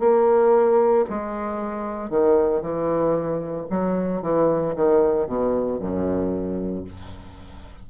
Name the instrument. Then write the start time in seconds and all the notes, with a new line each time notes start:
bassoon
0.00 A#3
1.10 G#3
2.11 D#3
2.62 E3
3.70 F#3
4.22 E3
4.76 D#3
5.27 B2
5.80 F#2